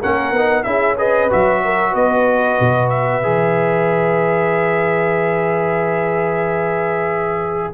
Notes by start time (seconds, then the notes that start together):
0.00 A#3 C#4 A#4 F#5
0.32 B3 D#4
0.63 C#4 E4 G#4 E5
0.97 G#4 B4 D#5
1.30 F#3 F#4 E5
1.64 A#4
1.91 B3 B4 D#5
2.60 B2
2.89 E5
3.23 E3 G#4